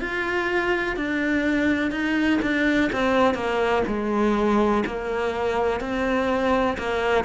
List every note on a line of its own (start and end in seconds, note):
0.00 0.96 F4
0.96 1.91 D4
1.91 2.39 D#4
2.41 2.90 D4
2.92 3.34 C4
3.34 3.82 A#3
3.87 4.83 G#3
4.86 5.80 A#3
5.80 6.77 C4
6.78 7.24 A#3